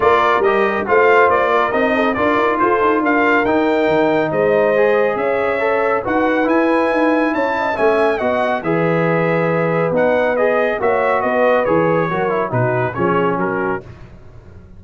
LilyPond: <<
  \new Staff \with { instrumentName = "trumpet" } { \time 4/4 \tempo 4 = 139 d''4 dis''4 f''4 d''4 | dis''4 d''4 c''4 f''4 | g''2 dis''2 | e''2 fis''4 gis''4~ |
gis''4 a''4 gis''4 fis''4 | e''2. fis''4 | dis''4 e''4 dis''4 cis''4~ | cis''4 b'4 cis''4 ais'4 | }
  \new Staff \with { instrumentName = "horn" } { \time 4/4 ais'2 c''4. ais'8~ | ais'8 a'8 ais'4 a'4 ais'4~ | ais'2 c''2 | cis''2 b'2~ |
b'4 cis''8 dis''8 e''4 dis''4 | b'1~ | b'4 cis''4 b'2 | ais'4 fis'4 gis'4 fis'4 | }
  \new Staff \with { instrumentName = "trombone" } { \time 4/4 f'4 g'4 f'2 | dis'4 f'2. | dis'2. gis'4~ | gis'4 a'4 fis'4 e'4~ |
e'2 cis'4 fis'4 | gis'2. dis'4 | gis'4 fis'2 gis'4 | fis'8 e'8 dis'4 cis'2 | }
  \new Staff \with { instrumentName = "tuba" } { \time 4/4 ais4 g4 a4 ais4 | c'4 d'8 dis'8 f'8 dis'8 d'4 | dis'4 dis4 gis2 | cis'2 dis'4 e'4 |
dis'4 cis'4 a4 b4 | e2. b4~ | b4 ais4 b4 e4 | fis4 b,4 f4 fis4 | }
>>